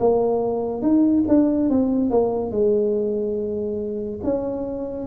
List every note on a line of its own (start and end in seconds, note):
0.00 0.82 A#3
0.82 1.24 D#4
1.28 1.70 D4
1.70 2.11 C4
2.11 2.52 A#3
2.52 4.21 G#3
4.24 5.07 C#4